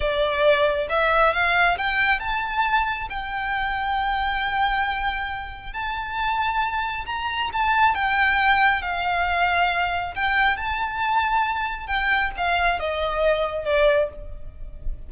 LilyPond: \new Staff \with { instrumentName = "violin" } { \time 4/4 \tempo 4 = 136 d''2 e''4 f''4 | g''4 a''2 g''4~ | g''1~ | g''4 a''2. |
ais''4 a''4 g''2 | f''2. g''4 | a''2. g''4 | f''4 dis''2 d''4 | }